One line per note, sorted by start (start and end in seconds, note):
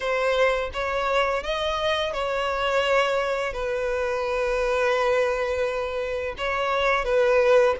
0.00 0.70 C5
0.73 1.43 C#5
1.43 2.13 D#5
2.13 3.53 C#5
3.53 6.35 B4
6.37 7.05 C#5
7.05 7.75 B4